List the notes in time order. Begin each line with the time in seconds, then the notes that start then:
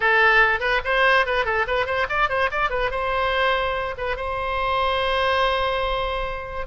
0.00 A4
0.59 B4
0.84 C5
1.26 B4
1.45 A4
1.67 B4
1.85 C5
2.09 D5
2.29 C5
2.51 D5
2.70 B4
2.90 C5
3.97 B4
4.16 C5